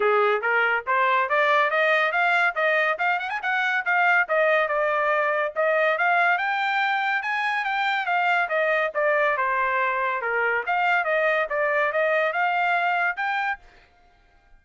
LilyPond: \new Staff \with { instrumentName = "trumpet" } { \time 4/4 \tempo 4 = 141 gis'4 ais'4 c''4 d''4 | dis''4 f''4 dis''4 f''8 fis''16 gis''16 | fis''4 f''4 dis''4 d''4~ | d''4 dis''4 f''4 g''4~ |
g''4 gis''4 g''4 f''4 | dis''4 d''4 c''2 | ais'4 f''4 dis''4 d''4 | dis''4 f''2 g''4 | }